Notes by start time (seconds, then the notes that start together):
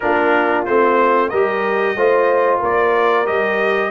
0.00 A#3 D4 F4 A#4
0.65 A3 C4 C5
1.29 G3 G4 A#4 D#5
1.95 A3 F4 C5
2.59 A#3 A#4 D5
3.25 G3 G4 D#5